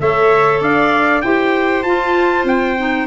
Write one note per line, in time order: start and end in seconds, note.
0.00 0.61 A3
0.00 1.24 A4
0.00 0.61 C#5
0.00 0.62 E5
0.61 1.23 D4
0.61 1.23 D5
0.61 1.21 F5
1.21 1.84 E4
1.21 1.85 G4
1.21 3.06 C5
1.21 1.83 G5
1.83 2.44 F4
1.83 2.77 F4
1.83 2.45 A5
2.44 3.06 C4
2.44 3.06 G5
2.77 3.06 D#4